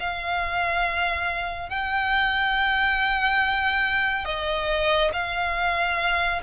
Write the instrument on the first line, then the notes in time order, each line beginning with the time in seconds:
violin
0.00 F5
1.69 G5
4.25 D#5
5.13 F5